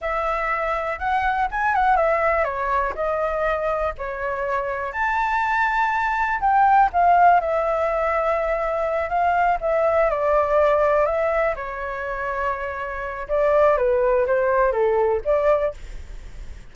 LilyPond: \new Staff \with { instrumentName = "flute" } { \time 4/4 \tempo 4 = 122 e''2 fis''4 gis''8 fis''8 | e''4 cis''4 dis''2 | cis''2 a''2~ | a''4 g''4 f''4 e''4~ |
e''2~ e''8 f''4 e''8~ | e''8 d''2 e''4 cis''8~ | cis''2. d''4 | b'4 c''4 a'4 d''4 | }